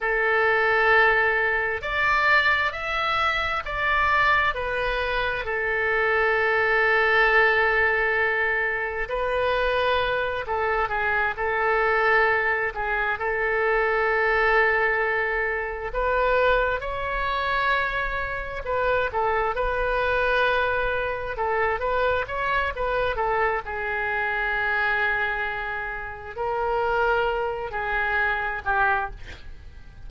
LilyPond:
\new Staff \with { instrumentName = "oboe" } { \time 4/4 \tempo 4 = 66 a'2 d''4 e''4 | d''4 b'4 a'2~ | a'2 b'4. a'8 | gis'8 a'4. gis'8 a'4.~ |
a'4. b'4 cis''4.~ | cis''8 b'8 a'8 b'2 a'8 | b'8 cis''8 b'8 a'8 gis'2~ | gis'4 ais'4. gis'4 g'8 | }